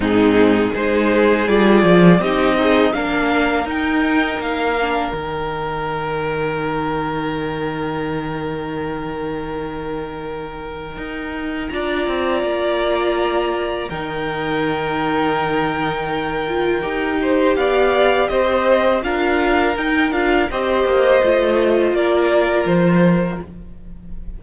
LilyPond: <<
  \new Staff \with { instrumentName = "violin" } { \time 4/4 \tempo 4 = 82 gis'4 c''4 d''4 dis''4 | f''4 g''4 f''4 g''4~ | g''1~ | g''1 |
ais''2. g''4~ | g''1 | f''4 dis''4 f''4 g''8 f''8 | dis''2 d''4 c''4 | }
  \new Staff \with { instrumentName = "violin" } { \time 4/4 dis'4 gis'2 g'8 dis'8 | ais'1~ | ais'1~ | ais'1 |
d''2. ais'4~ | ais'2.~ ais'8 c''8 | d''4 c''4 ais'2 | c''2 ais'2 | }
  \new Staff \with { instrumentName = "viola" } { \time 4/4 c'4 dis'4 f'4 dis'8 gis'8 | d'4 dis'4. d'8 dis'4~ | dis'1~ | dis'1 |
f'2. dis'4~ | dis'2~ dis'8 f'8 g'4~ | g'2 f'4 dis'8 f'8 | g'4 f'2. | }
  \new Staff \with { instrumentName = "cello" } { \time 4/4 gis,4 gis4 g8 f8 c'4 | ais4 dis'4 ais4 dis4~ | dis1~ | dis2. dis'4 |
d'8 c'8 ais2 dis4~ | dis2. dis'4 | b4 c'4 d'4 dis'8 d'8 | c'8 ais8 a4 ais4 f4 | }
>>